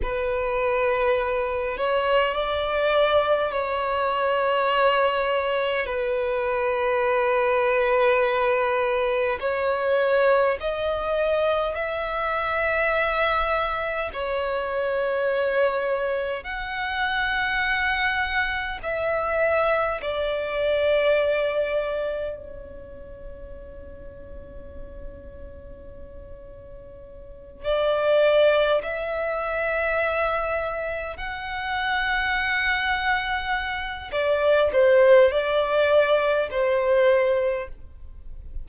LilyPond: \new Staff \with { instrumentName = "violin" } { \time 4/4 \tempo 4 = 51 b'4. cis''8 d''4 cis''4~ | cis''4 b'2. | cis''4 dis''4 e''2 | cis''2 fis''2 |
e''4 d''2 cis''4~ | cis''2.~ cis''8 d''8~ | d''8 e''2 fis''4.~ | fis''4 d''8 c''8 d''4 c''4 | }